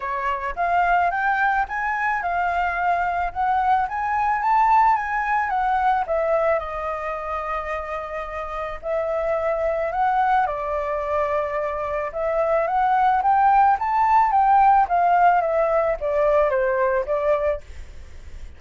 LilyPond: \new Staff \with { instrumentName = "flute" } { \time 4/4 \tempo 4 = 109 cis''4 f''4 g''4 gis''4 | f''2 fis''4 gis''4 | a''4 gis''4 fis''4 e''4 | dis''1 |
e''2 fis''4 d''4~ | d''2 e''4 fis''4 | g''4 a''4 g''4 f''4 | e''4 d''4 c''4 d''4 | }